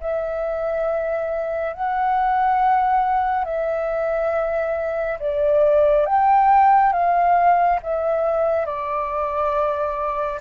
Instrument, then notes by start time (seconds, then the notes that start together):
flute
0.00 E5
1.73 F#5
3.45 E5
5.19 D5
6.06 G5
6.92 F5
7.83 E5
8.66 D5